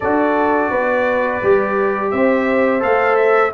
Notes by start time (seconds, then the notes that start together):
0.00 D4 F#4 A4 D5
0.70 B3 B4
1.41 G3 G4
2.10 C4 C5 E5
2.79 A3 A4 F5
3.16 E5